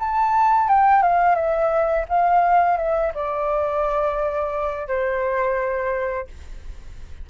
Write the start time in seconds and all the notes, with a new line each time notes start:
0.00 A5
0.69 G5
1.02 F5
1.36 E5
2.09 F5
2.78 E5
3.15 D5
4.88 C5